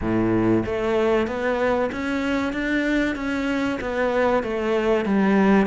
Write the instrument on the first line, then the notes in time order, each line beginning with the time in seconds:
cello
0.01 A2
0.65 A3
1.27 B3
1.91 C#4
2.52 D4
3.15 C#4
3.81 B3
4.43 A3
5.05 G3